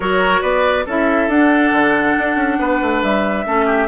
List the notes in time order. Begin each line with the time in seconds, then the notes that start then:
0.00 F#3 F#4 A#4 C#5
0.41 B3 B4 D5
0.85 C#4 E4 A4 E5
1.27 D4 F#5
1.72 D3
2.18 D4
2.35 C#4
2.59 B3 B4
2.81 A3
3.02 G3 E5
3.45 A3 C#4 A4
3.66 G4